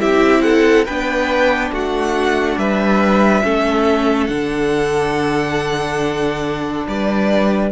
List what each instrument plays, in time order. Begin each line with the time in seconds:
0.00 cello C4, viola E4, violin G4 E5
0.42 violin A4 F#5
0.86 cello B3, viola D4, violin B4 G5
1.71 cello A3, violin F#4 F#5
2.57 cello G3, violin B4 E5
3.43 cello A3, viola C#4, violin A4
4.27 cello D3, viola D4, violin F#5
6.87 cello G3, violin B4 D5